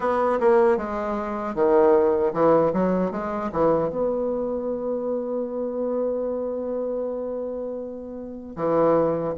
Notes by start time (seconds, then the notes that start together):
0.00 B3
0.39 A#3
0.77 G#3
1.54 D#3
2.33 E3
2.73 F#3
3.11 G#3
3.52 E3
3.89 B3
8.55 E3